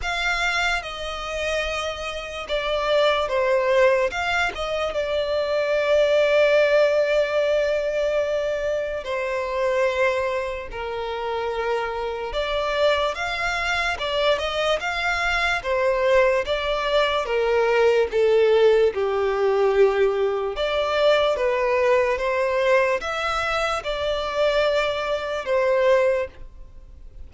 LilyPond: \new Staff \with { instrumentName = "violin" } { \time 4/4 \tempo 4 = 73 f''4 dis''2 d''4 | c''4 f''8 dis''8 d''2~ | d''2. c''4~ | c''4 ais'2 d''4 |
f''4 d''8 dis''8 f''4 c''4 | d''4 ais'4 a'4 g'4~ | g'4 d''4 b'4 c''4 | e''4 d''2 c''4 | }